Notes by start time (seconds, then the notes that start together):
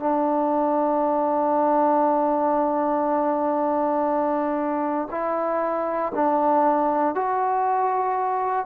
0.00 D4
5.11 E4
6.15 D4
7.15 F#4